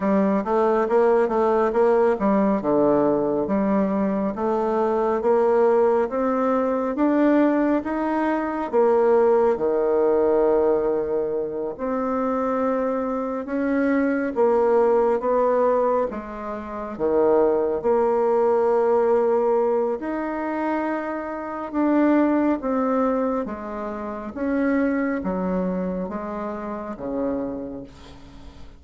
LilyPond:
\new Staff \with { instrumentName = "bassoon" } { \time 4/4 \tempo 4 = 69 g8 a8 ais8 a8 ais8 g8 d4 | g4 a4 ais4 c'4 | d'4 dis'4 ais4 dis4~ | dis4. c'2 cis'8~ |
cis'8 ais4 b4 gis4 dis8~ | dis8 ais2~ ais8 dis'4~ | dis'4 d'4 c'4 gis4 | cis'4 fis4 gis4 cis4 | }